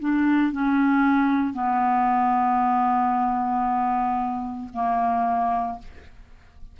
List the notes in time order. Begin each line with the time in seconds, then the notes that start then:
0.00 D4
0.52 C#4
1.54 B3
4.74 A#3